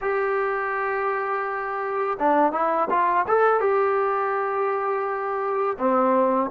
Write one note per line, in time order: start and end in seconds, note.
0.01 2.18 G4
2.19 2.52 D4
2.52 2.88 E4
2.89 3.26 F4
3.27 3.60 A4
3.60 5.77 G4
5.78 6.50 C4